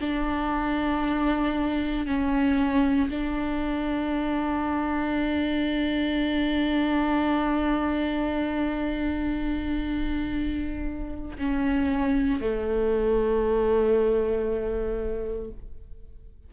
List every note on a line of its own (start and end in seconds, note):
0.00 2.06 D4
2.06 3.09 C#4
3.10 11.37 D4
11.38 12.41 C#4
12.41 15.51 A3